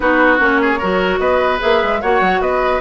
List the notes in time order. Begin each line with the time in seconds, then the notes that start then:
0.00 B3 D#4 F#4 B4
0.38 A#3 C#4 C#5
0.61 G#4
0.78 F#3 F#4 A#4
1.18 B3 B4 D#5
1.58 A#3 G#4 E5
1.83 G#3
2.01 A#3 F#4 C#5 F#5
2.21 F#3
2.40 B3 B4 D#5